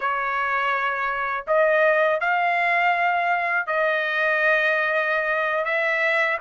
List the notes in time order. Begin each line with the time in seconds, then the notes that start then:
0.00 C#5
1.47 D#5
2.20 F5
3.67 D#5
5.64 E5